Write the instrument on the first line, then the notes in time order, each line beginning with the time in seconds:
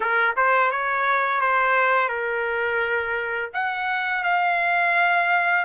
trumpet
0.00 A#4
0.36 C5
0.71 C#5
1.40 C5
2.09 A#4
3.53 F#5
4.23 F5